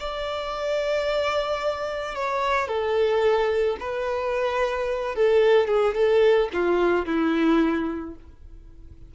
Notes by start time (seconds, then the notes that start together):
0.00 D5
2.15 C#5
2.68 A4
3.80 B4
5.16 A4
5.68 G#4
5.95 A4
6.53 F4
7.06 E4